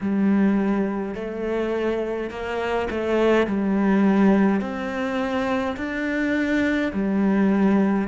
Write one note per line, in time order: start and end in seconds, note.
0.01 1.14 G3
1.14 2.30 A3
2.30 2.87 A#3
2.90 3.46 A3
3.46 4.60 G3
4.60 5.76 C4
5.76 6.92 D4
6.92 8.08 G3